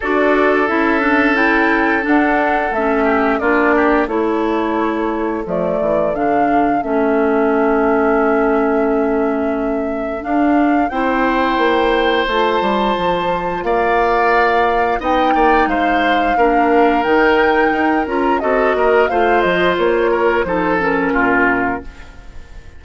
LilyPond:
<<
  \new Staff \with { instrumentName = "flute" } { \time 4/4 \tempo 4 = 88 d''4 e''4 g''4 fis''4 | e''4 d''4 cis''2 | d''4 f''4 e''2~ | e''2. f''4 |
g''2 a''2 | f''2 g''4 f''4~ | f''4 g''4. ais''8 dis''4 | f''8 dis''8 cis''4 c''8 ais'4. | }
  \new Staff \with { instrumentName = "oboe" } { \time 4/4 a'1~ | a'8 g'8 f'8 g'8 a'2~ | a'1~ | a'1 |
c''1 | d''2 dis''8 d''8 c''4 | ais'2. a'8 ais'8 | c''4. ais'8 a'4 f'4 | }
  \new Staff \with { instrumentName = "clarinet" } { \time 4/4 fis'4 e'8 d'8 e'4 d'4 | cis'4 d'4 e'2 | a4 d'4 cis'2~ | cis'2. d'4 |
e'2 f'2~ | f'2 dis'2 | d'4 dis'4. f'8 fis'4 | f'2 dis'8 cis'4. | }
  \new Staff \with { instrumentName = "bassoon" } { \time 4/4 d'4 cis'2 d'4 | a4 ais4 a2 | f8 e8 d4 a2~ | a2. d'4 |
c'4 ais4 a8 g8 f4 | ais2 b8 ais8 gis4 | ais4 dis4 dis'8 cis'8 c'8 ais8 | a8 f8 ais4 f4 ais,4 | }
>>